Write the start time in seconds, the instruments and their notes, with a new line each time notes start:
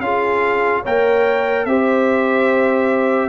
0.00 tuba C#4, trombone F4, horn G#4, trumpet F5
0.82 tuba A#3, trombone A#4, horn C#5, trumpet G5
1.66 tuba C4, trombone G4, horn C5, trumpet E5